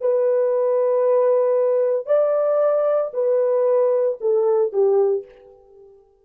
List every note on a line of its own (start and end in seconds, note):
0.00 2.06 B4
2.06 3.11 D5
3.13 4.18 B4
4.20 4.72 A4
4.72 5.25 G4